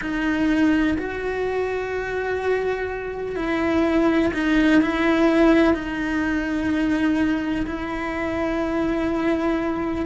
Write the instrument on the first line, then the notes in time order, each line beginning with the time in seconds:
cello
0.01 D#4
0.98 F#4
3.36 E4
4.33 D#4
4.81 E4
5.74 D#4
7.66 E4